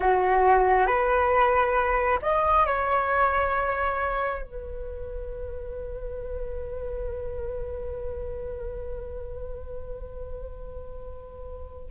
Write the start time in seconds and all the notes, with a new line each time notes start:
0.00 F#4
0.86 B4
2.21 D#5
2.66 C#5
4.42 B4